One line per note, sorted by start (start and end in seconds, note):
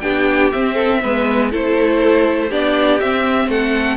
0.00 0.51 B3
0.00 0.52 D4
0.00 0.74 G4
0.00 0.50 G5
0.51 1.01 C4
0.51 1.03 C4
0.51 1.50 E5
0.74 0.98 A4
1.01 1.52 G#3
1.01 1.51 B3
1.01 1.51 B4
1.51 2.51 A3
1.51 2.50 E4
1.51 2.49 A4
1.51 2.51 C5
2.49 3.00 B3
2.49 3.00 D4
2.49 3.48 G4
2.49 3.00 D5
3.00 3.47 C4
3.00 3.97 C4
3.00 3.49 E5
3.47 3.97 A3
3.47 3.97 A4
3.47 3.97 F#5